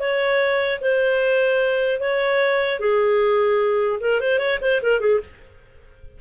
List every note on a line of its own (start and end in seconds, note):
0.00 0.80 C#5
0.81 2.00 C5
2.00 2.80 C#5
2.80 4.00 G#4
4.01 4.21 A#4
4.21 4.39 C5
4.39 4.59 C#5
4.61 4.81 C5
4.83 5.00 A#4
5.00 5.20 G#4